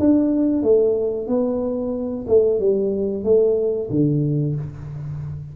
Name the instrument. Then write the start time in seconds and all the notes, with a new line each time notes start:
tuba
0.00 D4
0.63 A3
1.28 B3
2.28 A3
2.60 G3
3.24 A3
3.91 D3